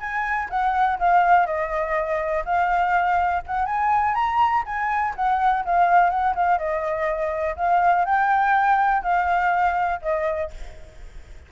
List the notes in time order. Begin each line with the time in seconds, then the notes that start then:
0.00 G#5
0.50 F#5
0.99 F5
1.46 D#5
2.45 F5
3.46 F#5
3.66 G#5
4.14 A#5
4.66 G#5
5.16 F#5
5.65 F5
6.10 F#5
6.35 F5
6.58 D#5
7.56 F5
8.05 G5
9.03 F5
10.02 D#5